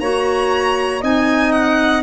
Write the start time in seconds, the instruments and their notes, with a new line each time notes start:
0.00 tuba A#3, clarinet F#4, flute C#5, violin A#5
1.01 tuba C4, clarinet D#4, flute D#5, violin G#5
1.52 violin F#5